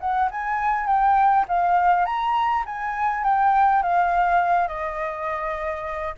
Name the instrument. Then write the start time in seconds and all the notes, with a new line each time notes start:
flute
0.00 F#5
0.31 G#5
0.86 G5
1.48 F5
2.05 A#5
2.66 G#5
3.23 G5
3.82 F5
4.67 D#5